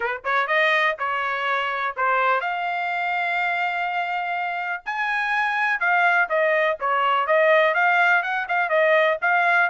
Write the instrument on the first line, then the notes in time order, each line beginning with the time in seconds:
trumpet
0.00 B4
0.24 C#5
0.47 D#5
0.99 C#5
1.96 C5
2.41 F5
4.85 G#5
5.80 F5
6.29 D#5
6.80 C#5
7.26 D#5
7.74 F5
8.22 F#5
8.48 F5
8.69 D#5
9.21 F5